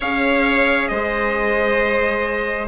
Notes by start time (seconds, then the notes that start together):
0.00 C#4 G#4 C#5 F5
0.88 G#3 C5 D#5